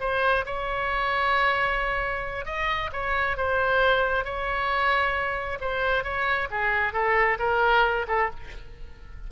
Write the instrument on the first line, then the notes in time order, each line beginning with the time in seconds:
oboe
0.00 C5
0.46 C#5
2.45 D#5
2.92 C#5
3.37 C5
4.24 C#5
5.60 C5
6.03 C#5
6.50 G#4
6.93 A4
7.39 A#4
8.08 A4